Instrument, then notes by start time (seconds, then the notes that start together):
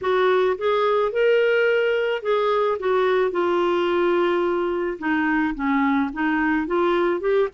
clarinet
0.01 F#4
0.58 G#4
1.12 A#4
2.22 G#4
2.79 F#4
3.31 F4
4.98 D#4
5.55 C#4
6.13 D#4
6.66 F4
7.20 G4